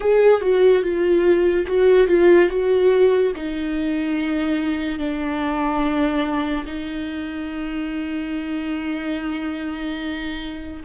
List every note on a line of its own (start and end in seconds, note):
0.00 0.41 G#4
0.41 0.82 F#4
0.82 1.66 F4
1.66 2.07 F#4
2.07 2.48 F4
2.49 3.32 F#4
3.35 4.98 D#4
4.98 6.65 D4
6.66 10.82 D#4